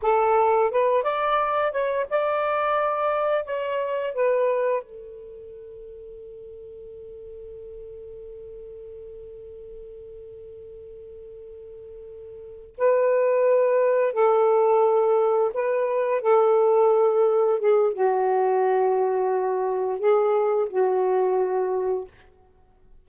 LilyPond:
\new Staff \with { instrumentName = "saxophone" } { \time 4/4 \tempo 4 = 87 a'4 b'8 d''4 cis''8 d''4~ | d''4 cis''4 b'4 a'4~ | a'1~ | a'1~ |
a'2~ a'8 b'4.~ | b'8 a'2 b'4 a'8~ | a'4. gis'8 fis'2~ | fis'4 gis'4 fis'2 | }